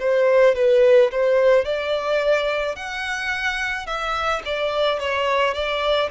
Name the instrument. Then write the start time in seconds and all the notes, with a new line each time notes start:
violin
0.00 C5
0.55 B4
1.11 C5
1.65 D5
2.76 F#5
3.87 E5
4.45 D5
5.00 C#5
5.54 D5